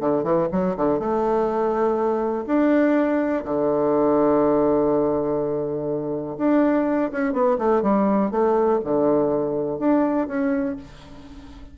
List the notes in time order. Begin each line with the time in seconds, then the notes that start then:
0.00 D3
0.24 E3
0.52 F#3
0.76 D3
0.99 A3
2.47 D4
3.44 D3
6.38 D4
7.11 C#4
7.33 B3
7.58 A3
7.82 G3
8.31 A3
8.84 D3
9.79 D4
10.27 C#4